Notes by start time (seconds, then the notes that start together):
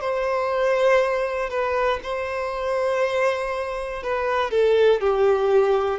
0.00 C5
1.50 B4
2.03 C5
4.03 B4
4.51 A4
5.00 G4